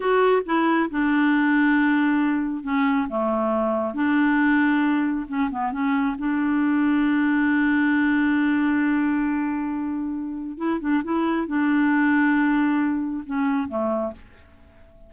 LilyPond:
\new Staff \with { instrumentName = "clarinet" } { \time 4/4 \tempo 4 = 136 fis'4 e'4 d'2~ | d'2 cis'4 a4~ | a4 d'2. | cis'8 b8 cis'4 d'2~ |
d'1~ | d'1 | e'8 d'8 e'4 d'2~ | d'2 cis'4 a4 | }